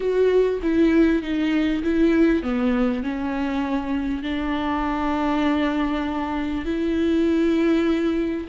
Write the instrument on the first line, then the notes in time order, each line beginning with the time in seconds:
viola
0.00 F#4
0.62 E4
1.22 D#4
1.83 E4
2.42 B3
3.03 C#4
4.22 D4
6.65 E4